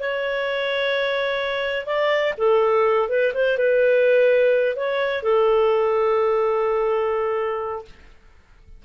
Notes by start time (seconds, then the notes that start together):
0.00 C#5
1.87 D5
2.38 A4
3.09 B4
3.34 C5
3.58 B4
4.76 C#5
5.23 A4